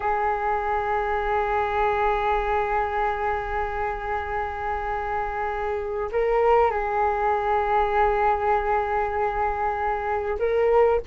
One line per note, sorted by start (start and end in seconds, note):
0.00 6.09 G#4
6.12 6.70 A#4
6.70 10.38 G#4
10.39 11.00 A#4